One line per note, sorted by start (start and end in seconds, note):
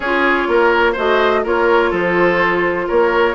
0.00 0.46 C#4
0.00 0.96 F4
0.00 0.48 G#4
0.00 0.95 C#5
0.48 0.96 A#3
0.48 0.92 A#4
0.92 1.45 A3
0.92 1.44 F#4
0.92 1.40 C5
0.92 1.45 D#5
1.43 1.91 A#3
1.43 3.34 F4
1.43 1.90 A#4
1.43 1.94 C#5
1.90 2.87 F3
1.90 2.86 A4
1.90 2.88 C5
2.87 3.34 A#3
2.87 3.34 A#4
2.87 3.34 C#5